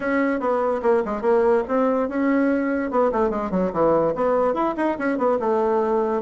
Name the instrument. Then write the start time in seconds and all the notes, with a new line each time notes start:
bassoon
0.00 C#4
0.39 B3
0.82 A#3
1.05 G#3
1.21 A#3
1.68 C4
2.08 C#4
2.90 B3
3.12 A3
3.30 G#3
3.51 F#3
3.72 E3
4.15 B3
4.54 E4
4.76 D#4
4.98 C#4
5.17 B3
5.39 A3